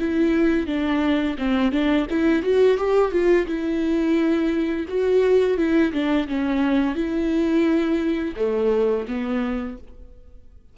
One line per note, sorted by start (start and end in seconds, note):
0.00 0.67 E4
0.67 1.37 D4
1.39 1.72 C4
1.72 2.07 D4
2.10 2.43 E4
2.43 2.78 F#4
2.78 3.12 G4
3.12 3.47 F4
3.47 4.86 E4
4.89 5.58 F#4
5.58 5.93 E4
5.93 6.28 D4
6.29 6.95 C#4
6.95 8.35 E4
8.37 9.07 A3
9.08 9.78 B3